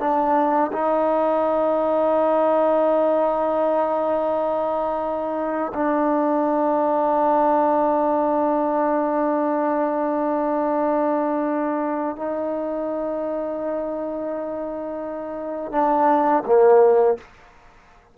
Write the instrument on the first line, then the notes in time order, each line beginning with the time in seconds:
trombone
0.00 D4
0.72 D#4
5.74 D4
12.17 D#4
15.72 D4
16.46 A#3